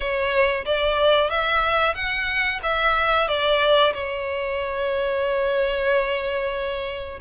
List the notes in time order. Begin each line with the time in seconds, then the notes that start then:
0.00 C#5
0.65 D5
1.30 E5
1.94 F#5
2.62 E5
3.28 D5
3.93 C#5